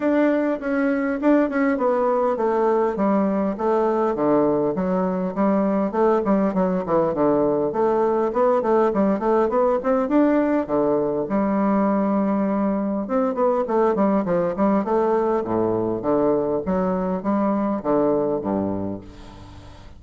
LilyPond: \new Staff \with { instrumentName = "bassoon" } { \time 4/4 \tempo 4 = 101 d'4 cis'4 d'8 cis'8 b4 | a4 g4 a4 d4 | fis4 g4 a8 g8 fis8 e8 | d4 a4 b8 a8 g8 a8 |
b8 c'8 d'4 d4 g4~ | g2 c'8 b8 a8 g8 | f8 g8 a4 a,4 d4 | fis4 g4 d4 g,4 | }